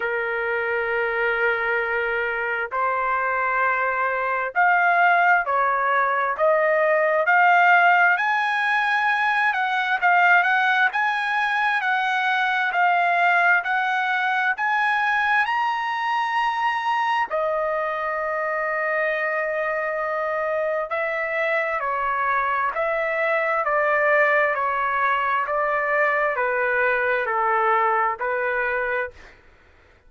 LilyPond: \new Staff \with { instrumentName = "trumpet" } { \time 4/4 \tempo 4 = 66 ais'2. c''4~ | c''4 f''4 cis''4 dis''4 | f''4 gis''4. fis''8 f''8 fis''8 | gis''4 fis''4 f''4 fis''4 |
gis''4 ais''2 dis''4~ | dis''2. e''4 | cis''4 e''4 d''4 cis''4 | d''4 b'4 a'4 b'4 | }